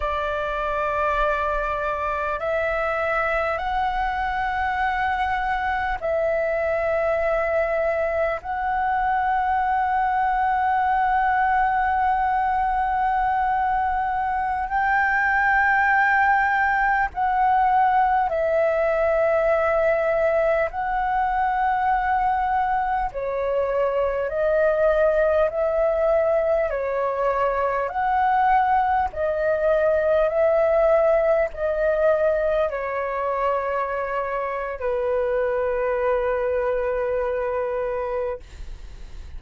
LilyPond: \new Staff \with { instrumentName = "flute" } { \time 4/4 \tempo 4 = 50 d''2 e''4 fis''4~ | fis''4 e''2 fis''4~ | fis''1~ | fis''16 g''2 fis''4 e''8.~ |
e''4~ e''16 fis''2 cis''8.~ | cis''16 dis''4 e''4 cis''4 fis''8.~ | fis''16 dis''4 e''4 dis''4 cis''8.~ | cis''4 b'2. | }